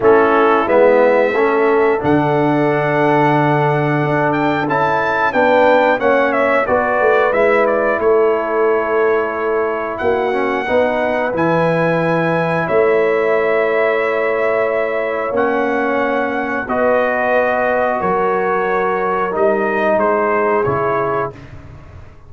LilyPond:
<<
  \new Staff \with { instrumentName = "trumpet" } { \time 4/4 \tempo 4 = 90 a'4 e''2 fis''4~ | fis''2~ fis''8 g''8 a''4 | g''4 fis''8 e''8 d''4 e''8 d''8 | cis''2. fis''4~ |
fis''4 gis''2 e''4~ | e''2. fis''4~ | fis''4 dis''2 cis''4~ | cis''4 dis''4 c''4 cis''4 | }
  \new Staff \with { instrumentName = "horn" } { \time 4/4 e'2 a'2~ | a'1 | b'4 cis''4 b'2 | a'2. fis'4 |
b'2. cis''4~ | cis''1~ | cis''4 b'2 ais'4~ | ais'2 gis'2 | }
  \new Staff \with { instrumentName = "trombone" } { \time 4/4 cis'4 b4 cis'4 d'4~ | d'2. e'4 | d'4 cis'4 fis'4 e'4~ | e'2.~ e'8 cis'8 |
dis'4 e'2.~ | e'2. cis'4~ | cis'4 fis'2.~ | fis'4 dis'2 e'4 | }
  \new Staff \with { instrumentName = "tuba" } { \time 4/4 a4 gis4 a4 d4~ | d2 d'4 cis'4 | b4 ais4 b8 a8 gis4 | a2. ais4 |
b4 e2 a4~ | a2. ais4~ | ais4 b2 fis4~ | fis4 g4 gis4 cis4 | }
>>